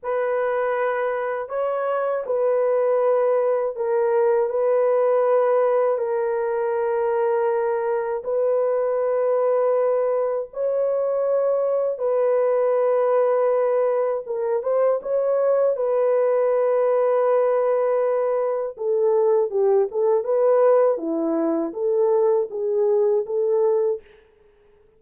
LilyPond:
\new Staff \with { instrumentName = "horn" } { \time 4/4 \tempo 4 = 80 b'2 cis''4 b'4~ | b'4 ais'4 b'2 | ais'2. b'4~ | b'2 cis''2 |
b'2. ais'8 c''8 | cis''4 b'2.~ | b'4 a'4 g'8 a'8 b'4 | e'4 a'4 gis'4 a'4 | }